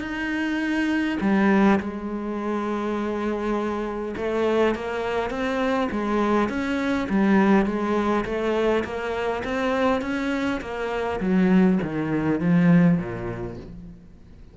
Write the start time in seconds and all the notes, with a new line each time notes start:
0.00 D#4
1.20 G3
1.79 G#3
4.16 A3
4.75 A#3
5.30 C4
5.91 G#3
6.49 C#4
7.09 G3
7.65 G#3
8.24 A3
8.84 A#3
9.44 C4
10.01 C#4
10.60 A#3
11.20 F#3
11.82 D#3
12.40 F3
12.98 A#2